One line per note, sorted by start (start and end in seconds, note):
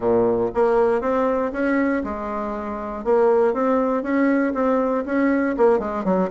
0.00 0.50 A#2
0.54 1.01 A#3
1.01 1.51 C4
1.52 2.02 C#4
2.04 3.04 G#3
3.04 3.53 A#3
3.53 4.02 C4
4.02 4.53 C#4
4.54 5.04 C4
5.05 5.56 C#4
5.57 5.79 A#3
5.79 6.04 G#3
6.04 6.29 F#3